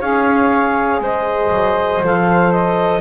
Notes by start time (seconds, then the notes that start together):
0.00 C#4 G#4 C#5 F5
1.00 G#3 C5 D#5
1.51 F#3
2.02 F3 A4 F5
2.52 D#5